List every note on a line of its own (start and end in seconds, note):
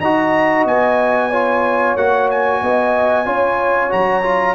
0.00 0.65 D#4
0.00 1.32 F#4
0.00 1.29 D#5
0.00 0.65 A#5
0.65 1.95 B3
0.65 1.97 G#5
1.29 1.97 F4
1.29 2.60 C#5
1.96 2.61 A#3
1.96 3.25 F#4
1.96 2.29 F#5
2.30 3.92 G#5
2.62 3.27 B3
2.62 3.26 D#5
3.25 3.92 C#4
3.25 3.89 F4
3.25 4.55 C#5
3.89 4.55 F#3
3.89 4.22 F#4
3.89 4.55 A#5
4.23 4.55 F4